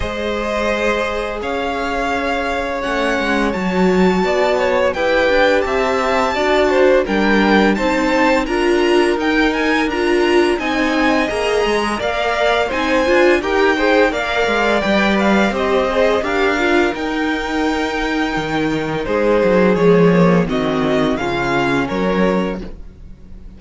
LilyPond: <<
  \new Staff \with { instrumentName = "violin" } { \time 4/4 \tempo 4 = 85 dis''2 f''2 | fis''4 a''2 g''4 | a''2 g''4 a''4 | ais''4 g''8 gis''8 ais''4 gis''4 |
ais''4 f''4 gis''4 g''4 | f''4 g''8 f''8 dis''4 f''4 | g''2. c''4 | cis''4 dis''4 f''4 cis''4 | }
  \new Staff \with { instrumentName = "violin" } { \time 4/4 c''2 cis''2~ | cis''2 d''8 cis''8 b'4 | e''4 d''8 c''8 ais'4 c''4 | ais'2. dis''4~ |
dis''4 d''4 c''4 ais'8 c''8 | d''2 c''4 ais'4~ | ais'2. gis'4~ | gis'4 fis'4 f'4 ais'4 | }
  \new Staff \with { instrumentName = "viola" } { \time 4/4 gis'1 | cis'4 fis'2 g'4~ | g'4 fis'4 d'4 dis'4 | f'4 dis'4 f'4 dis'4 |
gis'4 ais'4 dis'8 f'8 g'8 gis'8 | ais'4 b'4 g'8 gis'8 g'8 f'8 | dis'1 | gis8 ais8 c'4 cis'2 | }
  \new Staff \with { instrumentName = "cello" } { \time 4/4 gis2 cis'2 | a8 gis8 fis4 b4 e'8 d'8 | c'4 d'4 g4 c'4 | d'4 dis'4 d'4 c'4 |
ais8 gis8 ais4 c'8 d'8 dis'4 | ais8 gis8 g4 c'4 d'4 | dis'2 dis4 gis8 fis8 | f4 dis4 cis4 fis4 | }
>>